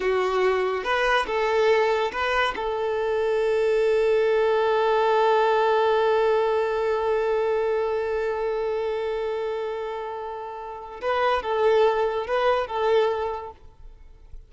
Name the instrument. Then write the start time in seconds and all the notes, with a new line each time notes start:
violin
0.00 F#4
0.83 B4
1.27 A4
2.12 B4
2.55 A4
11.01 B4
11.42 A4
12.27 B4
12.67 A4